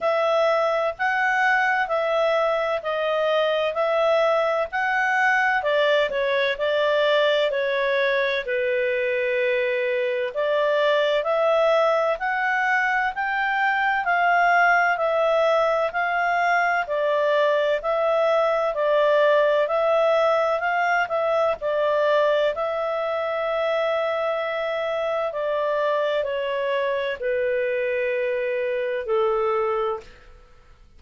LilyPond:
\new Staff \with { instrumentName = "clarinet" } { \time 4/4 \tempo 4 = 64 e''4 fis''4 e''4 dis''4 | e''4 fis''4 d''8 cis''8 d''4 | cis''4 b'2 d''4 | e''4 fis''4 g''4 f''4 |
e''4 f''4 d''4 e''4 | d''4 e''4 f''8 e''8 d''4 | e''2. d''4 | cis''4 b'2 a'4 | }